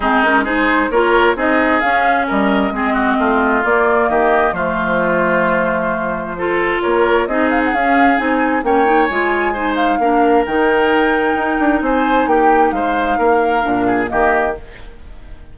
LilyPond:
<<
  \new Staff \with { instrumentName = "flute" } { \time 4/4 \tempo 4 = 132 gis'8 ais'8 c''4 cis''4 dis''4 | f''4 dis''2. | d''4 dis''4 c''2~ | c''2. cis''4 |
dis''8 f''16 fis''16 f''4 gis''4 g''4 | gis''4. f''4. g''4~ | g''2 gis''4 g''4 | f''2. dis''4 | }
  \new Staff \with { instrumentName = "oboe" } { \time 4/4 dis'4 gis'4 ais'4 gis'4~ | gis'4 ais'4 gis'8 fis'8 f'4~ | f'4 g'4 f'2~ | f'2 a'4 ais'4 |
gis'2. cis''4~ | cis''4 c''4 ais'2~ | ais'2 c''4 g'4 | c''4 ais'4. gis'8 g'4 | }
  \new Staff \with { instrumentName = "clarinet" } { \time 4/4 c'8 cis'8 dis'4 f'4 dis'4 | cis'2 c'2 | ais2 a2~ | a2 f'2 |
dis'4 cis'4 dis'4 cis'8 dis'8 | f'4 dis'4 d'4 dis'4~ | dis'1~ | dis'2 d'4 ais4 | }
  \new Staff \with { instrumentName = "bassoon" } { \time 4/4 gis2 ais4 c'4 | cis'4 g4 gis4 a4 | ais4 dis4 f2~ | f2. ais4 |
c'4 cis'4 c'4 ais4 | gis2 ais4 dis4~ | dis4 dis'8 d'8 c'4 ais4 | gis4 ais4 ais,4 dis4 | }
>>